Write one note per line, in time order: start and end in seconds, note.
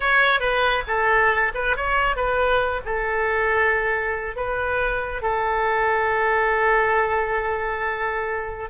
0.00 0.40 C#5
0.40 0.83 B4
0.87 1.52 A4
1.54 1.76 B4
1.76 2.15 C#5
2.15 2.81 B4
2.85 4.36 A4
4.36 5.22 B4
5.22 8.70 A4